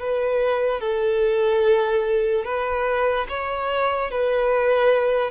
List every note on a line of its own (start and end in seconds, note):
0.00 0.81 B4
0.81 2.45 A4
2.45 3.27 B4
3.29 4.11 C#5
4.11 5.31 B4